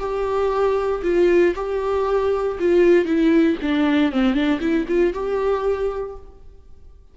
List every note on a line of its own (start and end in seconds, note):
0.00 1.03 G4
1.03 1.55 F4
1.56 2.58 G4
2.60 3.06 F4
3.06 3.57 E4
3.62 4.12 D4
4.12 4.34 C4
4.34 4.60 D4
4.61 4.86 E4
4.88 5.14 F4
5.14 6.16 G4